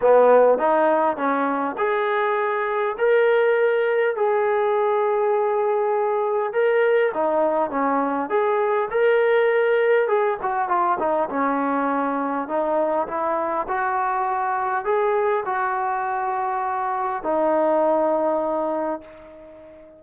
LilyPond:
\new Staff \with { instrumentName = "trombone" } { \time 4/4 \tempo 4 = 101 b4 dis'4 cis'4 gis'4~ | gis'4 ais'2 gis'4~ | gis'2. ais'4 | dis'4 cis'4 gis'4 ais'4~ |
ais'4 gis'8 fis'8 f'8 dis'8 cis'4~ | cis'4 dis'4 e'4 fis'4~ | fis'4 gis'4 fis'2~ | fis'4 dis'2. | }